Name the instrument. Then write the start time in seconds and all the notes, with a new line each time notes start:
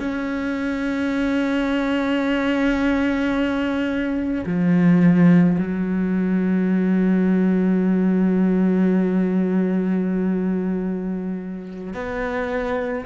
cello
0.00 C#4
4.46 F3
5.58 F#3
11.94 B3